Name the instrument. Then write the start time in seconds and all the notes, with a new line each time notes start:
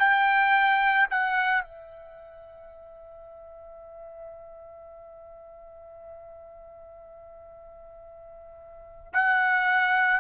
trumpet
0.00 G5
1.11 F#5
1.63 E5
9.14 F#5